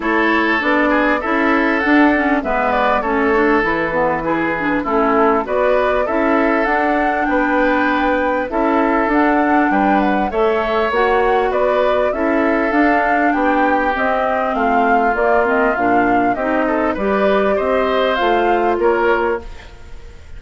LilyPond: <<
  \new Staff \with { instrumentName = "flute" } { \time 4/4 \tempo 4 = 99 cis''4 d''4 e''4 fis''4 | e''8 d''8 cis''4 b'2 | a'4 d''4 e''4 fis''4 | g''2 e''4 fis''4 |
g''8 fis''8 e''4 fis''4 d''4 | e''4 f''4 g''4 dis''4 | f''4 d''8 dis''8 f''4 dis''4 | d''4 dis''4 f''4 cis''4 | }
  \new Staff \with { instrumentName = "oboe" } { \time 4/4 a'4. gis'8 a'2 | b'4 a'2 gis'4 | e'4 b'4 a'2 | b'2 a'2 |
b'4 cis''2 b'4 | a'2 g'2 | f'2. g'8 a'8 | b'4 c''2 ais'4 | }
  \new Staff \with { instrumentName = "clarinet" } { \time 4/4 e'4 d'4 e'4 d'8 cis'8 | b4 cis'8 d'8 e'8 b8 e'8 d'8 | cis'4 fis'4 e'4 d'4~ | d'2 e'4 d'4~ |
d'4 a'4 fis'2 | e'4 d'2 c'4~ | c'4 ais8 c'8 d'4 dis'4 | g'2 f'2 | }
  \new Staff \with { instrumentName = "bassoon" } { \time 4/4 a4 b4 cis'4 d'4 | gis4 a4 e2 | a4 b4 cis'4 d'4 | b2 cis'4 d'4 |
g4 a4 ais4 b4 | cis'4 d'4 b4 c'4 | a4 ais4 ais,4 c'4 | g4 c'4 a4 ais4 | }
>>